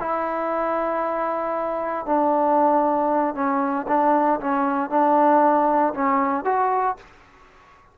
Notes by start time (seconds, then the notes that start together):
0.00 E4
2.06 D4
3.35 C#4
3.88 D4
4.41 C#4
4.90 D4
5.94 C#4
6.45 F#4